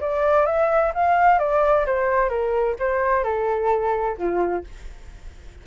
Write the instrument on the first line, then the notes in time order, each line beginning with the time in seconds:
flute
0.00 D5
0.46 E5
0.94 F5
1.39 D5
1.86 C5
2.29 A#4
2.79 C5
3.23 A4
4.17 F4